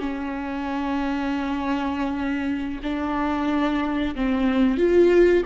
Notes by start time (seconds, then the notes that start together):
0.00 C#4
2.83 D4
4.15 C4
4.77 F4